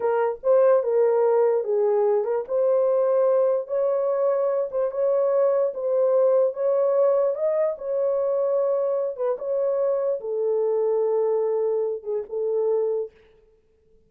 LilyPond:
\new Staff \with { instrumentName = "horn" } { \time 4/4 \tempo 4 = 147 ais'4 c''4 ais'2 | gis'4. ais'8 c''2~ | c''4 cis''2~ cis''8 c''8 | cis''2 c''2 |
cis''2 dis''4 cis''4~ | cis''2~ cis''8 b'8 cis''4~ | cis''4 a'2.~ | a'4. gis'8 a'2 | }